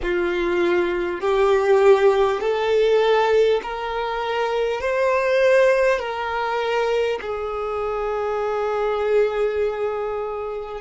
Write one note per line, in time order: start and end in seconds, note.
0.02 1.20 F4
1.20 2.40 G4
2.40 3.60 A4
3.63 4.81 A#4
4.81 5.99 C5
5.99 7.19 A#4
7.21 10.81 G#4